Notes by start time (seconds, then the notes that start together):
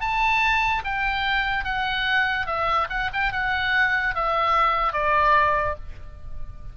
0.00 A5
0.84 G5
1.64 F#5
2.46 E5
2.89 F#5
3.13 G5
3.32 F#5
4.14 E5
4.92 D5